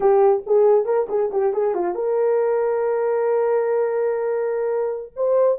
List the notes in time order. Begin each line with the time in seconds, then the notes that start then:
0.00 G4
0.46 G#4
0.85 A#4
1.08 G#4
1.31 G4
1.53 G#4
1.74 F4
1.94 A#4
5.16 C5